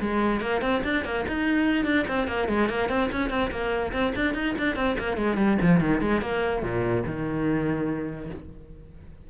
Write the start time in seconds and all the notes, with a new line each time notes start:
0.00 G#3
0.41 A#3
0.61 C4
0.84 D4
1.04 A#3
1.28 D#4
1.85 D4
2.08 C4
2.27 A#3
2.48 G#3
2.69 A#3
2.89 C4
3.12 C#4
3.30 C4
3.51 A#3
3.93 C4
4.15 D4
4.34 D#4
4.58 D4
4.76 C4
4.98 A#3
5.17 G#3
5.37 G3
5.61 F3
5.80 D#3
6.01 G#3
6.21 A#3
6.62 A#2
7.06 D#3